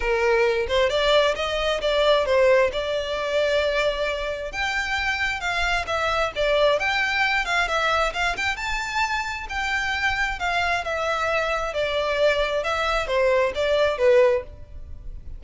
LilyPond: \new Staff \with { instrumentName = "violin" } { \time 4/4 \tempo 4 = 133 ais'4. c''8 d''4 dis''4 | d''4 c''4 d''2~ | d''2 g''2 | f''4 e''4 d''4 g''4~ |
g''8 f''8 e''4 f''8 g''8 a''4~ | a''4 g''2 f''4 | e''2 d''2 | e''4 c''4 d''4 b'4 | }